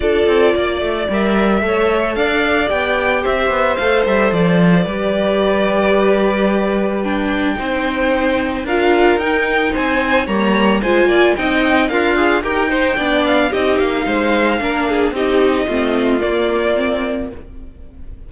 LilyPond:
<<
  \new Staff \with { instrumentName = "violin" } { \time 4/4 \tempo 4 = 111 d''2 e''2 | f''4 g''4 e''4 f''8 e''8 | d''1~ | d''4 g''2. |
f''4 g''4 gis''4 ais''4 | gis''4 g''4 f''4 g''4~ | g''8 f''8 dis''8 f''2~ f''8 | dis''2 d''2 | }
  \new Staff \with { instrumentName = "violin" } { \time 4/4 a'4 d''2 cis''4 | d''2 c''2~ | c''4 b'2.~ | b'2 c''2 |
ais'2 c''4 cis''4 | c''8 d''8 dis''4 f'4 ais'8 c''8 | d''4 g'4 c''4 ais'8 gis'8 | g'4 f'2. | }
  \new Staff \with { instrumentName = "viola" } { \time 4/4 f'2 ais'4 a'4~ | a'4 g'2 a'4~ | a'4 g'2.~ | g'4 d'4 dis'2 |
f'4 dis'2 ais4 | f'4 dis'4 ais'8 gis'8 g'8 dis'8 | d'4 dis'2 d'4 | dis'4 c'4 ais4 c'4 | }
  \new Staff \with { instrumentName = "cello" } { \time 4/4 d'8 c'8 ais8 a8 g4 a4 | d'4 b4 c'8 b8 a8 g8 | f4 g2.~ | g2 c'2 |
d'4 dis'4 c'4 g4 | gis8 ais8 c'4 d'4 dis'4 | b4 c'8 ais8 gis4 ais4 | c'4 a4 ais2 | }
>>